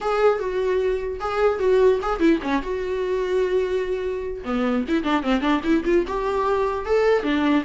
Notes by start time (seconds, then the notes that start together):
0.01 G#4
0.39 F#4
1.20 G#4
1.59 F#4
2.02 G#4
2.19 E4
2.42 C#4
2.62 F#4
4.44 B3
4.88 E4
5.03 D4
5.22 C4
5.41 D4
5.63 E4
5.85 F4
6.07 G4
6.85 A4
7.23 D4